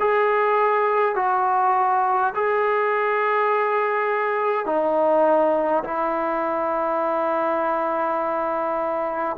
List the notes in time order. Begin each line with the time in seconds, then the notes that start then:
0.00 G#4
1.16 F#4
2.35 G#4
4.66 D#4
5.83 E4